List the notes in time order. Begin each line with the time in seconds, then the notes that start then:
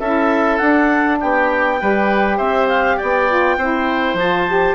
0.00 C#4 E4 A4 E5
0.58 D4 F#5
1.20 B3 G4 G5
1.80 G3 G4 B4
2.37 C4 C5 E5
2.68 F5
2.97 B3 D5 G5
3.29 F4
3.57 C4 E4 C5
4.14 F3 F4 A5
4.48 G4